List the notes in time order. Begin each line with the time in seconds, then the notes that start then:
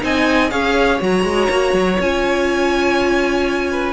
0.00 C4 D#4 D#5 G#5
0.50 C#4 G#4 C#5 F5
1.01 F#3 F#4 A#5
1.23 G#3
1.50 A#3
1.74 F#3
1.99 C#4 F4 G#5
3.71 B4